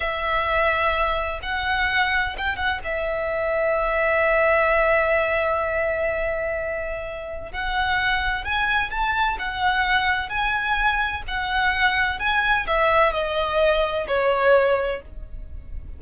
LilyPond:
\new Staff \with { instrumentName = "violin" } { \time 4/4 \tempo 4 = 128 e''2. fis''4~ | fis''4 g''8 fis''8 e''2~ | e''1~ | e''1 |
fis''2 gis''4 a''4 | fis''2 gis''2 | fis''2 gis''4 e''4 | dis''2 cis''2 | }